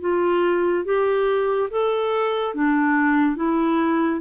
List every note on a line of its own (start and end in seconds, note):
0.00 0.85 F4
0.85 1.69 G4
1.70 2.54 A4
2.54 3.36 D4
3.36 4.20 E4